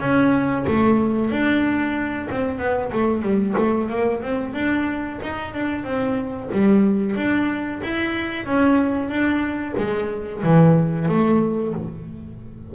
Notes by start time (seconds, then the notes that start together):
0.00 C#4
0.67 A3
1.31 D4
2.31 C4
2.58 B3
2.93 A3
3.22 G3
3.58 A3
3.90 A#3
4.22 C4
4.54 D4
5.23 D#4
5.54 D4
5.84 C4
6.52 G3
7.16 D4
7.83 E4
8.45 C#4
9.09 D4
9.78 G#3
10.43 E3
11.08 A3